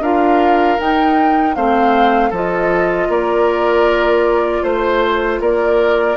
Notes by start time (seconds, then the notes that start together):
0.00 D4 F4 A#4 F5
0.78 D#4 G5
1.55 A3 C4 C5 F5
2.30 F3 F4 A4 D#5
3.08 A#3 A#4 D5
4.63 A3 C5
5.40 A#3 A#4 D5